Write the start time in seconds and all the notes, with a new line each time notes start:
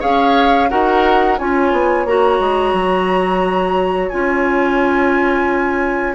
0.00 C#4 G#4 C#5 F5
0.69 D#4 F#4 A#4 F#5
1.38 C#4 F4 C#5 G#5
1.72 B3
2.06 A#3 F#4 A#5
2.40 G#3
2.73 F#3
4.09 C#4 F4 G#5